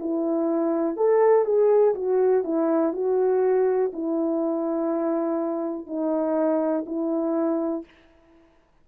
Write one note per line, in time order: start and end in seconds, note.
0.00 0.97 E4
0.97 1.45 A4
1.45 1.94 G#4
1.95 2.44 F#4
2.44 2.93 E4
2.93 3.92 F#4
3.93 5.87 E4
5.87 6.85 D#4
6.87 7.85 E4